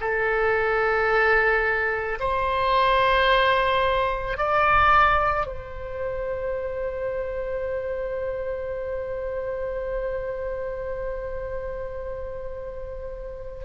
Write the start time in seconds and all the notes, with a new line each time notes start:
0.00 A4
2.19 C5
4.37 D5
5.46 C5